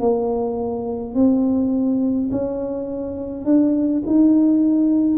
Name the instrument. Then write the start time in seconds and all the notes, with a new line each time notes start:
tuba
0.00 A#3
1.15 C4
2.31 C#4
3.45 D4
4.06 D#4